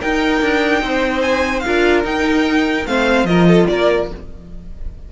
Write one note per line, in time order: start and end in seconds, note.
0.00 1.63 D#4
0.00 0.42 D#4
0.00 0.82 A#4
0.00 1.22 G5
0.42 0.83 D4
0.83 1.64 C4
0.83 1.65 C5
1.22 1.60 G#5
1.60 2.04 F4
1.60 2.01 F5
1.66 2.05 D4
1.66 2.87 A#4
2.04 2.86 D#4
2.04 2.87 G5
2.87 3.24 A3
2.87 3.28 C4
2.87 3.28 C5
2.87 3.26 F5
3.24 3.65 F3
3.24 4.10 F4
3.24 3.48 A#4
3.24 3.67 D#5
3.48 3.69 A4
3.68 4.11 A#3
3.68 4.12 A#4
3.68 4.09 D5